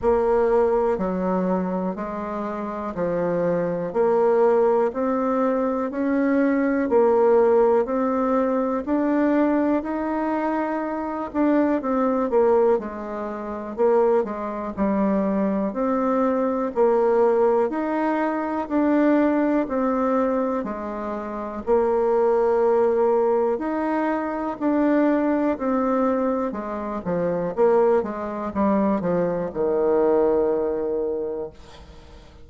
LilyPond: \new Staff \with { instrumentName = "bassoon" } { \time 4/4 \tempo 4 = 61 ais4 fis4 gis4 f4 | ais4 c'4 cis'4 ais4 | c'4 d'4 dis'4. d'8 | c'8 ais8 gis4 ais8 gis8 g4 |
c'4 ais4 dis'4 d'4 | c'4 gis4 ais2 | dis'4 d'4 c'4 gis8 f8 | ais8 gis8 g8 f8 dis2 | }